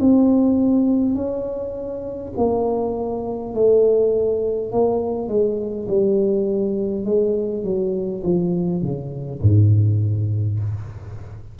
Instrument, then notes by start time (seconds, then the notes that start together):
tuba
0.00 C4
1.15 C#4
2.37 A#3
3.55 A3
4.72 A#3
5.28 G#3
5.88 G3
7.05 G#3
7.64 F#3
8.24 F3
8.82 C#3
9.42 G#2